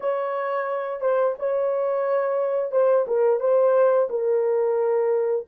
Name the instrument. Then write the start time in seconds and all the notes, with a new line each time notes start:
horn
0.00 C#5
1.00 C5
1.38 C#5
2.71 C5
3.07 A#4
3.40 C5
4.09 A#4